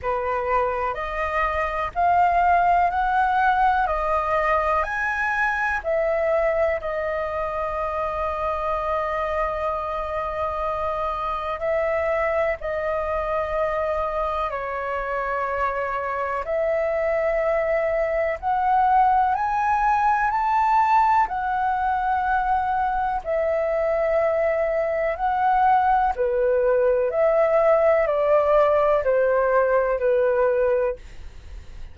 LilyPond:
\new Staff \with { instrumentName = "flute" } { \time 4/4 \tempo 4 = 62 b'4 dis''4 f''4 fis''4 | dis''4 gis''4 e''4 dis''4~ | dis''1 | e''4 dis''2 cis''4~ |
cis''4 e''2 fis''4 | gis''4 a''4 fis''2 | e''2 fis''4 b'4 | e''4 d''4 c''4 b'4 | }